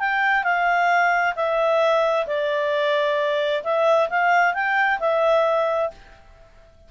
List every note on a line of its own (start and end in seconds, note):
0.00 0.44 G5
0.44 1.35 F5
1.36 2.26 E5
2.27 3.63 D5
3.64 4.09 E5
4.10 4.54 F5
4.54 4.99 G5
5.00 5.91 E5